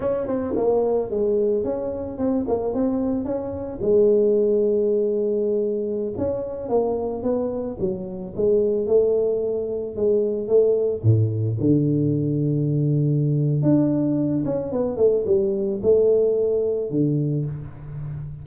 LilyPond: \new Staff \with { instrumentName = "tuba" } { \time 4/4 \tempo 4 = 110 cis'8 c'8 ais4 gis4 cis'4 | c'8 ais8 c'4 cis'4 gis4~ | gis2.~ gis16 cis'8.~ | cis'16 ais4 b4 fis4 gis8.~ |
gis16 a2 gis4 a8.~ | a16 a,4 d2~ d8.~ | d4 d'4. cis'8 b8 a8 | g4 a2 d4 | }